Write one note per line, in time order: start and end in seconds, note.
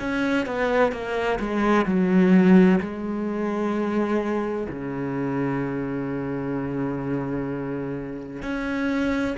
0.00 0.46 C#4
0.46 0.92 B3
0.92 1.39 A#3
1.40 1.86 G#3
1.86 2.80 F#3
2.81 4.68 G#3
4.69 8.43 C#3
8.43 9.37 C#4